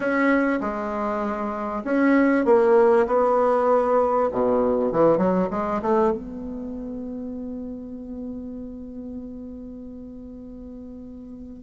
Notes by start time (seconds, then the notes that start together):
0.00 C#4
0.60 G#3
1.84 C#4
2.45 A#3
3.06 B3
4.32 B2
4.91 E3
5.17 F#3
5.50 G#3
5.82 A3
6.12 B3